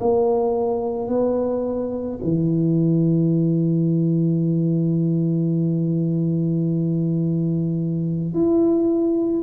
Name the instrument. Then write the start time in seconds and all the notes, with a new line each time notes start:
tuba
0.00 A#3
1.08 B3
2.23 E3
8.34 E4